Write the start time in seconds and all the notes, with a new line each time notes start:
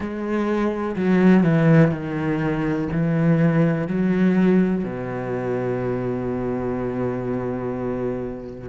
0.00 G#3
0.95 F#3
1.43 E3
1.91 D#3
2.92 E3
3.87 F#3
4.83 B2